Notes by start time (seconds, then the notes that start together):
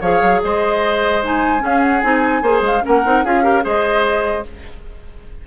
0.00 F3 G#4 C#5 F5
0.21 F#3
0.43 G#3 C5 D#5
1.23 D#4 G#5
1.58 C#4 G#4
1.65 F5
1.81 F#5
2.01 C4 D#4 G#5
2.42 A#3 G#4 C5
2.61 G#3 F5
2.81 C#4 A#4 F#5
2.87 A#3
3.05 C4 D#4
3.24 C#4 F4 G#4 F5
3.43 G4 A#4
3.62 G#3 G#4 C5 D#5